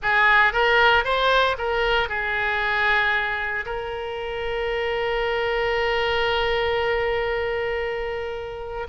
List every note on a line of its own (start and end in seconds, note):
0.02 0.52 G#4
0.52 1.04 A#4
1.04 1.56 C5
1.58 2.08 A#4
2.08 3.65 G#4
3.65 8.87 A#4